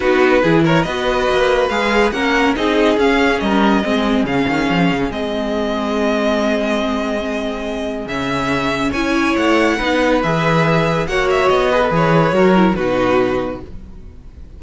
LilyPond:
<<
  \new Staff \with { instrumentName = "violin" } { \time 4/4 \tempo 4 = 141 b'4. cis''8 dis''2 | f''4 fis''4 dis''4 f''4 | dis''2 f''2 | dis''1~ |
dis''2. e''4~ | e''4 gis''4 fis''2 | e''2 fis''8 e''8 dis''4 | cis''2 b'2 | }
  \new Staff \with { instrumentName = "violin" } { \time 4/4 fis'4 gis'8 ais'8 b'2~ | b'4 ais'4 gis'2 | ais'4 gis'2.~ | gis'1~ |
gis'1~ | gis'4 cis''2 b'4~ | b'2 cis''4. b'8~ | b'4 ais'4 fis'2 | }
  \new Staff \with { instrumentName = "viola" } { \time 4/4 dis'4 e'4 fis'2 | gis'4 cis'4 dis'4 cis'4~ | cis'4 c'4 cis'2 | c'1~ |
c'2. cis'4~ | cis'4 e'2 dis'4 | gis'2 fis'4. gis'16 a'16 | gis'4 fis'8 e'8 dis'2 | }
  \new Staff \with { instrumentName = "cello" } { \time 4/4 b4 e4 b4 ais4 | gis4 ais4 c'4 cis'4 | g4 gis4 cis8 dis8 f8 cis8 | gis1~ |
gis2. cis4~ | cis4 cis'4 a4 b4 | e2 ais4 b4 | e4 fis4 b,2 | }
>>